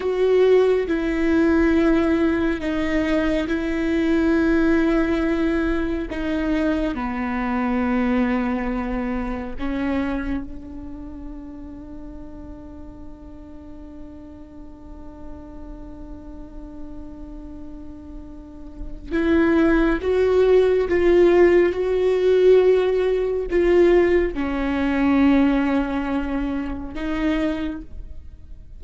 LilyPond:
\new Staff \with { instrumentName = "viola" } { \time 4/4 \tempo 4 = 69 fis'4 e'2 dis'4 | e'2. dis'4 | b2. cis'4 | d'1~ |
d'1~ | d'2 e'4 fis'4 | f'4 fis'2 f'4 | cis'2. dis'4 | }